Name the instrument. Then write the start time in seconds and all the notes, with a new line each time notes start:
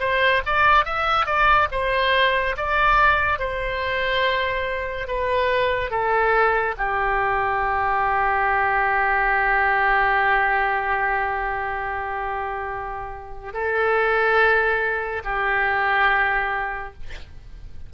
oboe
0.00 C5
0.46 D5
0.85 E5
1.26 D5
1.72 C5
2.57 D5
3.39 C5
5.08 B4
5.91 A4
6.78 G4
13.54 A4
15.25 G4